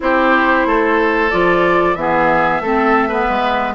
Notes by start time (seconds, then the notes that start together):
0.00 C4 E4 G4 C5
0.65 A3 A4
1.30 F3 F4 D5
1.95 E3 B3 G#4 E5
2.60 A3 C4 A4
3.08 B3 B4
3.29 G#3